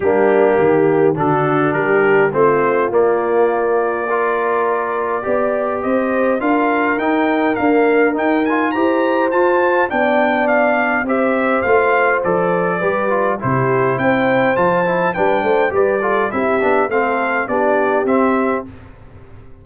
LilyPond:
<<
  \new Staff \with { instrumentName = "trumpet" } { \time 4/4 \tempo 4 = 103 g'2 a'4 ais'4 | c''4 d''2.~ | d''2 dis''4 f''4 | g''4 f''4 g''8 gis''8 ais''4 |
a''4 g''4 f''4 e''4 | f''4 d''2 c''4 | g''4 a''4 g''4 d''4 | e''4 f''4 d''4 e''4 | }
  \new Staff \with { instrumentName = "horn" } { \time 4/4 d'4 g'4 fis'4 g'4 | f'2. ais'4~ | ais'4 d''4 c''4 ais'4~ | ais'2. c''4~ |
c''4 d''2 c''4~ | c''2 b'4 g'4 | c''2 b'8 c''8 b'8 a'8 | g'4 a'4 g'2 | }
  \new Staff \with { instrumentName = "trombone" } { \time 4/4 ais2 d'2 | c'4 ais2 f'4~ | f'4 g'2 f'4 | dis'4 ais4 dis'8 f'8 g'4 |
f'4 d'2 g'4 | f'4 a'4 g'8 f'8 e'4~ | e'4 f'8 e'8 d'4 g'8 f'8 | e'8 d'8 c'4 d'4 c'4 | }
  \new Staff \with { instrumentName = "tuba" } { \time 4/4 g4 dis4 d4 g4 | a4 ais2.~ | ais4 b4 c'4 d'4 | dis'4 d'4 dis'4 e'4 |
f'4 b2 c'4 | a4 f4 g4 c4 | c'4 f4 g8 a8 g4 | c'8 b8 a4 b4 c'4 | }
>>